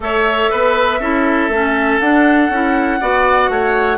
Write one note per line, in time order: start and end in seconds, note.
0.00 0.48 A3
0.00 1.00 A4
0.00 0.50 C#5
0.00 1.99 E5
0.50 0.99 B3
0.50 1.00 B4
0.99 1.49 C#4
0.99 1.51 E4
0.99 3.00 A4
1.49 1.99 A3
1.49 2.01 C#4
1.99 2.49 D4
1.99 2.52 D4
1.99 3.98 F#5
2.49 2.99 C#4
2.49 3.00 E4
3.00 3.49 B3
3.00 3.98 F#4
3.00 3.50 D5
3.49 3.98 A3
3.49 3.98 C#5